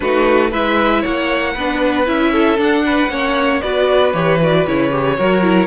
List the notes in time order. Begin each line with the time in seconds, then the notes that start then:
0.00 A3 D#4 F#4 B4
0.51 G#3 E4 B4 E5
1.01 A#3 C#5 F#5
1.53 B3 D4 B4
2.06 C#4 E4 E5
2.32 A4
2.57 D4 F#5
2.85 B4
3.09 A#3 C#4 C#5
3.61 B3 F#4 B4 D5
4.13 E3 G4 C#5
4.41 F#4 D5
4.66 C#3 E4 C#5
4.91 G4
5.17 F#3 F#4 A#4
5.42 E4